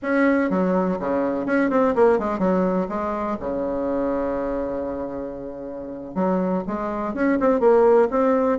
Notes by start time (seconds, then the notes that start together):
0.02 C#4
0.50 F#3
0.99 C#3
1.46 C#4
1.70 C4
1.95 A#3
2.18 G#3
2.38 F#3
2.88 G#3
3.40 C#3
6.15 F#3
6.67 G#3
7.14 C#4
7.39 C4
7.60 A#3
8.10 C4